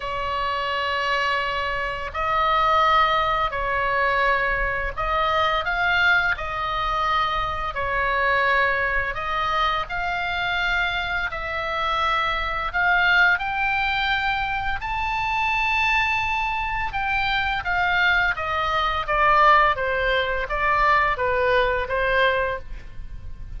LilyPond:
\new Staff \with { instrumentName = "oboe" } { \time 4/4 \tempo 4 = 85 cis''2. dis''4~ | dis''4 cis''2 dis''4 | f''4 dis''2 cis''4~ | cis''4 dis''4 f''2 |
e''2 f''4 g''4~ | g''4 a''2. | g''4 f''4 dis''4 d''4 | c''4 d''4 b'4 c''4 | }